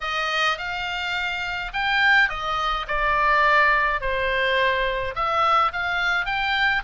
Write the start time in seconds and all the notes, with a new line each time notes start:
0.00 D#5
0.57 F5
1.73 G5
2.29 D#5
2.87 D5
4.00 C5
5.15 E5
5.72 F5
6.25 G5